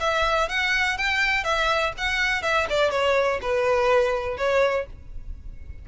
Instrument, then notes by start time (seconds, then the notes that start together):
violin
0.00 E5
0.49 F#5
0.98 G5
1.44 E5
1.98 F#5
2.43 E5
2.70 D5
2.91 C#5
3.42 B4
4.37 C#5